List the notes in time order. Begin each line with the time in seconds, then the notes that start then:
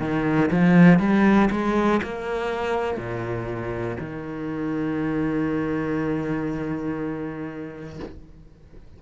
0.00 D#3
0.51 F3
0.99 G3
1.50 G#3
2.03 A#3
2.97 A#2
4.00 D#3